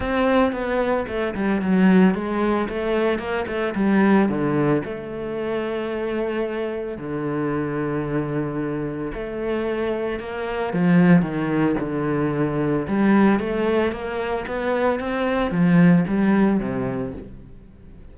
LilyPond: \new Staff \with { instrumentName = "cello" } { \time 4/4 \tempo 4 = 112 c'4 b4 a8 g8 fis4 | gis4 a4 ais8 a8 g4 | d4 a2.~ | a4 d2.~ |
d4 a2 ais4 | f4 dis4 d2 | g4 a4 ais4 b4 | c'4 f4 g4 c4 | }